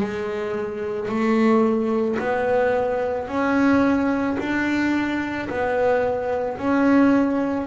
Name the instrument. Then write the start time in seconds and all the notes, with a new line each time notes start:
double bass
0.00 G#3
1.08 A3
2.19 B3
3.28 C#4
4.39 D4
5.49 B3
6.58 C#4